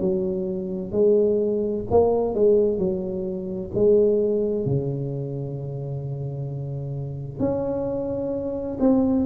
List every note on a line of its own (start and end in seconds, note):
0.00 0.92 F#3
0.92 1.84 G#3
1.90 2.34 A#3
2.34 2.78 G#3
2.78 3.70 F#3
3.74 4.65 G#3
4.65 7.39 C#3
7.39 8.78 C#4
8.80 9.26 C4